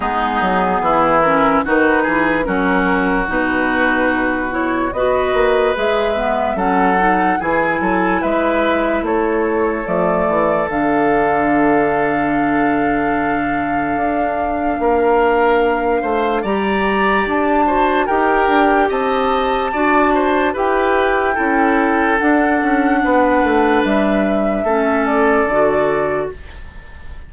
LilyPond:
<<
  \new Staff \with { instrumentName = "flute" } { \time 4/4 \tempo 4 = 73 gis'4. ais'8 b'4 ais'4 | b'4. cis''8 dis''4 e''4 | fis''4 gis''4 e''4 cis''4 | d''4 f''2.~ |
f''1 | ais''4 a''4 g''4 a''4~ | a''4 g''2 fis''4~ | fis''4 e''4. d''4. | }
  \new Staff \with { instrumentName = "oboe" } { \time 4/4 dis'4 e'4 fis'8 gis'8 fis'4~ | fis'2 b'2 | a'4 gis'8 a'8 b'4 a'4~ | a'1~ |
a'2 ais'4. c''8 | d''4. c''8 ais'4 dis''4 | d''8 c''8 b'4 a'2 | b'2 a'2 | }
  \new Staff \with { instrumentName = "clarinet" } { \time 4/4 b4. cis'8 dis'4 cis'4 | dis'4. e'8 fis'4 gis'8 b8 | cis'8 dis'8 e'2. | a4 d'2.~ |
d'1 | g'4. fis'8 g'2 | fis'4 g'4 e'4 d'4~ | d'2 cis'4 fis'4 | }
  \new Staff \with { instrumentName = "bassoon" } { \time 4/4 gis8 fis8 e4 dis8 e8 fis4 | b,2 b8 ais8 gis4 | fis4 e8 fis8 gis4 a4 | f8 e8 d2.~ |
d4 d'4 ais4. a8 | g4 d'4 dis'8 d'8 c'4 | d'4 e'4 cis'4 d'8 cis'8 | b8 a8 g4 a4 d4 | }
>>